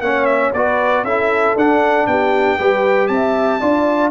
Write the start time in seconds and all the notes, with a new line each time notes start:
0.00 A#3 C#4 C#5 F#5
0.25 E5
0.53 B3 F#4 B4 D5
1.03 C#4 E4 A4 E5
1.55 D4 F#5
2.07 B3 G4 G5
2.58 G3 G4 B4
3.07 C4 E5 A5
3.60 D4 F4 D5